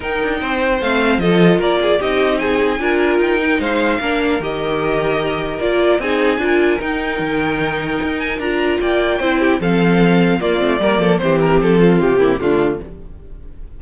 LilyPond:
<<
  \new Staff \with { instrumentName = "violin" } { \time 4/4 \tempo 4 = 150 g''2 f''4 dis''4 | d''4 dis''4 gis''2 | g''4 f''2 dis''4~ | dis''2 d''4 gis''4~ |
gis''4 g''2.~ | g''8 gis''8 ais''4 g''2 | f''2 d''2 | c''8 ais'8 a'4 g'4 f'4 | }
  \new Staff \with { instrumentName = "violin" } { \time 4/4 ais'4 c''2 a'4 | ais'8 gis'8 g'4 gis'4 ais'4~ | ais'4 c''4 ais'2~ | ais'2. gis'4 |
ais'1~ | ais'2 d''4 c''8 g'8 | a'2 f'4 ais'8 a'8 | g'4. f'4 e'8 d'4 | }
  \new Staff \with { instrumentName = "viola" } { \time 4/4 dis'2 c'4 f'4~ | f'4 dis'2 f'4~ | f'8 dis'4. d'4 g'4~ | g'2 f'4 dis'4 |
f'4 dis'2.~ | dis'4 f'2 e'4 | c'2 ais8 c'8 ais4 | c'2~ c'8 ais8 a4 | }
  \new Staff \with { instrumentName = "cello" } { \time 4/4 dis'8 d'8 c'4 a4 f4 | ais4 c'2 d'4 | dis'4 gis4 ais4 dis4~ | dis2 ais4 c'4 |
d'4 dis'4 dis2 | dis'4 d'4 ais4 c'4 | f2 ais8 a8 g8 f8 | e4 f4 c4 d4 | }
>>